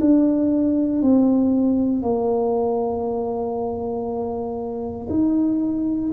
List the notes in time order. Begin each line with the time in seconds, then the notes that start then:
0.00 D4
1.02 C4
2.02 A#3
5.09 D#4